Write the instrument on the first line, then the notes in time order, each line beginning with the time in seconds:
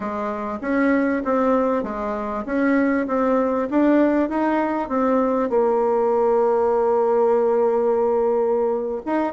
bassoon
0.00 G#3
0.61 C#4
1.24 C4
1.83 G#3
2.45 C#4
3.07 C4
3.70 D4
4.29 D#4
4.88 C4
5.49 A#3
9.05 D#4